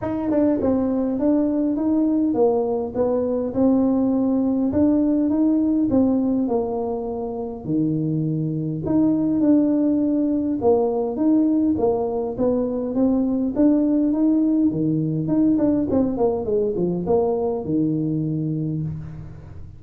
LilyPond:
\new Staff \with { instrumentName = "tuba" } { \time 4/4 \tempo 4 = 102 dis'8 d'8 c'4 d'4 dis'4 | ais4 b4 c'2 | d'4 dis'4 c'4 ais4~ | ais4 dis2 dis'4 |
d'2 ais4 dis'4 | ais4 b4 c'4 d'4 | dis'4 dis4 dis'8 d'8 c'8 ais8 | gis8 f8 ais4 dis2 | }